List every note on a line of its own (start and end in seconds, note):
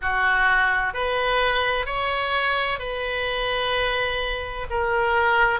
0.01 0.93 F#4
0.93 1.86 B4
1.86 2.79 C#5
2.79 4.66 B4
4.70 5.60 A#4